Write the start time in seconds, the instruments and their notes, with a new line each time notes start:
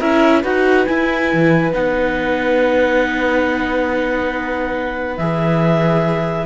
0.00 cello C#4, viola E4, violin A#4, clarinet E5
0.43 cello D#4, viola F#4, violin B4, clarinet F#5
0.86 viola E4, cello E4, clarinet G#5
1.33 cello E3
1.73 cello B3, viola D#4, clarinet F#5
5.18 cello E3, viola G#4, clarinet E5